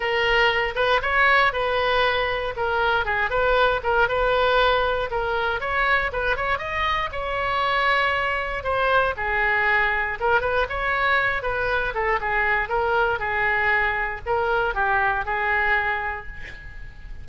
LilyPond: \new Staff \with { instrumentName = "oboe" } { \time 4/4 \tempo 4 = 118 ais'4. b'8 cis''4 b'4~ | b'4 ais'4 gis'8 b'4 ais'8 | b'2 ais'4 cis''4 | b'8 cis''8 dis''4 cis''2~ |
cis''4 c''4 gis'2 | ais'8 b'8 cis''4. b'4 a'8 | gis'4 ais'4 gis'2 | ais'4 g'4 gis'2 | }